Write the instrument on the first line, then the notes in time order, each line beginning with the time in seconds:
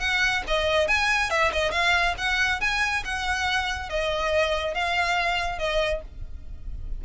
violin
0.00 F#5
0.48 D#5
0.88 G#5
1.30 E5
1.53 D#5
1.72 F5
2.18 F#5
2.61 G#5
3.05 F#5
3.90 D#5
4.74 F5
5.59 D#5